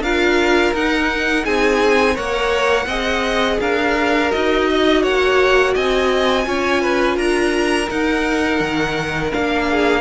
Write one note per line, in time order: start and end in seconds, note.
0.00 0.71 D4
0.00 0.76 F4
0.00 1.44 A#4
0.00 0.74 F5
0.73 1.45 D#4
0.73 2.14 D#4
0.73 1.45 F#5
1.44 2.18 C4
1.44 2.14 G#4
1.44 2.16 G#5
2.14 2.86 A#3
2.14 2.86 A#4
2.14 2.85 C#5
2.14 3.60 F#5
2.86 3.57 C4
2.86 4.29 G#4
2.86 3.59 D#5
3.60 4.32 D4
3.60 4.68 A#4
3.60 4.31 F5
4.29 5.03 D#4
4.29 6.43 F#4
4.29 5.03 D#5
4.69 5.02 D#5
5.02 5.75 A#3
5.02 5.74 C#5
5.02 5.74 F#5
5.74 6.46 C4
5.74 6.45 D#5
5.74 7.18 G#5
6.43 7.17 C#4
6.43 7.86 F4
6.43 6.81 C#5
6.81 7.16 B4
7.16 7.88 D4
7.16 9.66 A#4
7.16 7.89 A#5
7.89 9.32 D#4
7.89 8.60 D#4
7.89 9.32 F#5
8.60 9.32 D#3
9.32 10.01 A#3
9.32 10.01 D4
9.32 10.01 F5
9.70 10.01 G#4